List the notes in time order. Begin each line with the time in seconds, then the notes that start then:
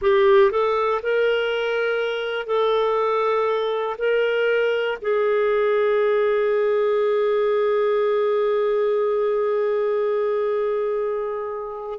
0.01 G4
0.50 A4
1.02 A#4
2.46 A4
3.98 A#4
5.01 G#4